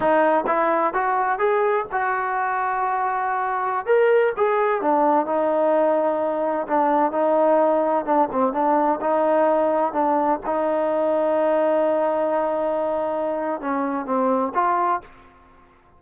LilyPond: \new Staff \with { instrumentName = "trombone" } { \time 4/4 \tempo 4 = 128 dis'4 e'4 fis'4 gis'4 | fis'1~ | fis'16 ais'4 gis'4 d'4 dis'8.~ | dis'2~ dis'16 d'4 dis'8.~ |
dis'4~ dis'16 d'8 c'8 d'4 dis'8.~ | dis'4~ dis'16 d'4 dis'4.~ dis'16~ | dis'1~ | dis'4 cis'4 c'4 f'4 | }